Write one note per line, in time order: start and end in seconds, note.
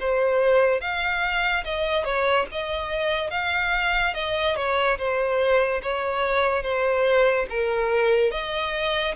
0.00 0.81 C5
0.81 1.64 F5
1.64 2.04 D#5
2.04 2.46 C#5
2.52 3.30 D#5
3.30 4.14 F5
4.14 4.56 D#5
4.56 4.97 C#5
4.98 5.81 C5
5.82 6.62 C#5
6.62 7.46 C5
7.49 8.31 A#4
8.31 9.14 D#5